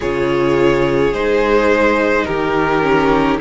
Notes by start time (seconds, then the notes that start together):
0.00 C#3 F4 G#4 C#5
1.12 G#3 D#4 C5
2.24 D#3 G4 A#4
2.82 C#4